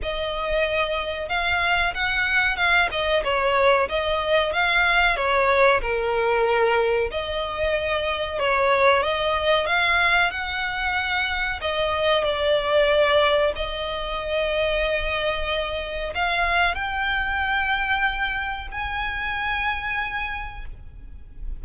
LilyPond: \new Staff \with { instrumentName = "violin" } { \time 4/4 \tempo 4 = 93 dis''2 f''4 fis''4 | f''8 dis''8 cis''4 dis''4 f''4 | cis''4 ais'2 dis''4~ | dis''4 cis''4 dis''4 f''4 |
fis''2 dis''4 d''4~ | d''4 dis''2.~ | dis''4 f''4 g''2~ | g''4 gis''2. | }